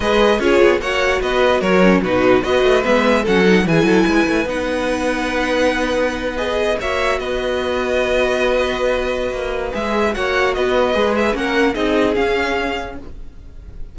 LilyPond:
<<
  \new Staff \with { instrumentName = "violin" } { \time 4/4 \tempo 4 = 148 dis''4 cis''4 fis''4 dis''4 | cis''4 b'4 dis''4 e''4 | fis''4 gis''2 fis''4~ | fis''2.~ fis''8. dis''16~ |
dis''8. e''4 dis''2~ dis''16~ | dis''1 | e''4 fis''4 dis''4. e''8 | fis''4 dis''4 f''2 | }
  \new Staff \with { instrumentName = "violin" } { \time 4/4 b'4 gis'4 cis''4 b'4 | ais'4 fis'4 b'2 | a'4 gis'8 a'8 b'2~ | b'1~ |
b'8. cis''4 b'2~ b'16~ | b'1~ | b'4 cis''4 b'2 | ais'4 gis'2. | }
  \new Staff \with { instrumentName = "viola" } { \time 4/4 gis'4 f'4 fis'2~ | fis'8 cis'8 dis'4 fis'4 b4 | cis'8 dis'8 e'2 dis'4~ | dis'2.~ dis'8. gis'16~ |
gis'8. fis'2.~ fis'16~ | fis'1 | gis'4 fis'2 gis'4 | cis'4 dis'4 cis'2 | }
  \new Staff \with { instrumentName = "cello" } { \time 4/4 gis4 cis'8 b8 ais4 b4 | fis4 b,4 b8 a8 gis4 | fis4 e8 fis8 gis8 a8 b4~ | b1~ |
b8. ais4 b2~ b16~ | b2. ais4 | gis4 ais4 b4 gis4 | ais4 c'4 cis'2 | }
>>